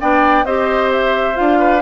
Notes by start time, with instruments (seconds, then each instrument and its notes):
0.00 bassoon B3, clarinet D4, oboe D5, flute G5
0.44 bassoon C4, clarinet G4, oboe C5, flute D#5
0.92 flute E5
1.34 bassoon D4, clarinet F4, flute F5
1.59 oboe B4